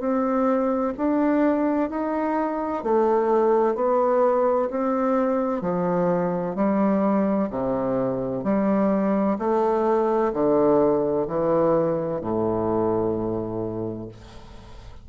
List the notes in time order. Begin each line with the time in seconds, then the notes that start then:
0.00 C4
0.98 D4
1.90 D#4
2.84 A3
3.75 B3
4.70 C4
5.62 F3
6.55 G3
7.50 C3
8.44 G3
9.39 A3
10.33 D3
11.28 E3
12.21 A2